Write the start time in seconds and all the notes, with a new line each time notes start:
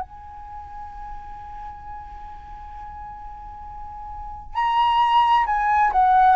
0.00 G#5
4.54 A#5
5.46 G#5
5.92 F#5